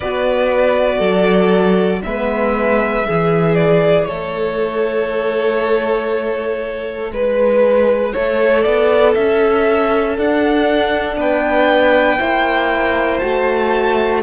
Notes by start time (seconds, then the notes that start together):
0.00 B3 F#4 B4 D5
0.98 F#3 A4
2.03 G#3 B3 B4 E5
3.06 E3 E4 G#4
3.54 D5
4.05 A3 A4 C#5
7.11 G#3 B4
8.12 A3 A4 C#5
8.62 B3 D5
9.14 C#4 E5
10.17 D4 F#5
11.17 B3 B4 G5
12.19 A#3 E4 C5
13.18 A3 F#4 A5